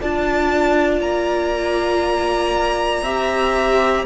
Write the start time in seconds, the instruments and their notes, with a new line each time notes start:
0.00 cello D4, viola F4, violin D5 A5
1.01 cello A#3, violin A#5
3.03 cello C4, viola G4, violin E5